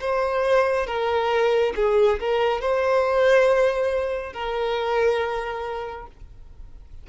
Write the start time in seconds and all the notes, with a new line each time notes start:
0.00 C5
0.86 A#4
1.76 G#4
2.20 A#4
2.61 C5
4.33 A#4